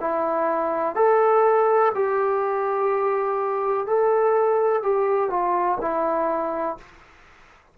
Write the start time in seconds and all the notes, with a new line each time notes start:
0.00 E4
0.95 A4
1.94 G4
3.87 A4
4.83 G4
5.30 F4
5.81 E4